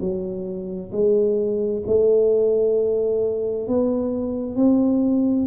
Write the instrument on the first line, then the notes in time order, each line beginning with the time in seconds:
tuba
0.00 F#3
0.92 G#3
1.86 A3
3.68 B3
4.55 C4